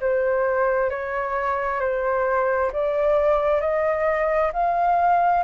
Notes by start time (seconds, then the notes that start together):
0.00 C5
0.90 C#5
1.80 C5
2.72 D5
3.60 D#5
4.52 F5